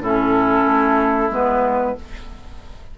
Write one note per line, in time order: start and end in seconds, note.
0.00 0.65 A2
0.00 1.31 C#4
0.00 1.96 E4
0.00 1.32 A4
0.66 1.31 A3
1.31 1.95 G#3
1.31 1.96 B3
1.31 1.98 B4